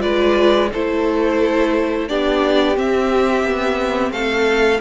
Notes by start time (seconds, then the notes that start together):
0.00 G#3 F4 B4 D5
0.72 A3 E4 A4 C5
2.09 B3 D4 G4 D5
2.75 C4 E5
3.44 B3
4.12 A3 A4 F5